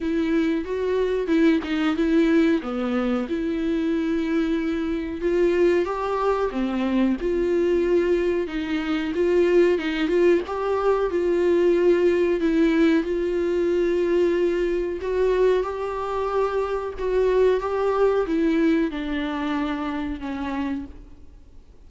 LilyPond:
\new Staff \with { instrumentName = "viola" } { \time 4/4 \tempo 4 = 92 e'4 fis'4 e'8 dis'8 e'4 | b4 e'2. | f'4 g'4 c'4 f'4~ | f'4 dis'4 f'4 dis'8 f'8 |
g'4 f'2 e'4 | f'2. fis'4 | g'2 fis'4 g'4 | e'4 d'2 cis'4 | }